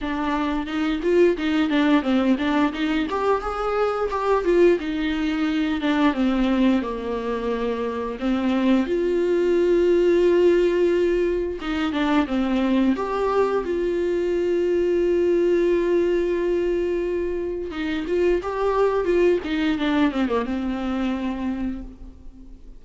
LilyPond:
\new Staff \with { instrumentName = "viola" } { \time 4/4 \tempo 4 = 88 d'4 dis'8 f'8 dis'8 d'8 c'8 d'8 | dis'8 g'8 gis'4 g'8 f'8 dis'4~ | dis'8 d'8 c'4 ais2 | c'4 f'2.~ |
f'4 dis'8 d'8 c'4 g'4 | f'1~ | f'2 dis'8 f'8 g'4 | f'8 dis'8 d'8 c'16 ais16 c'2 | }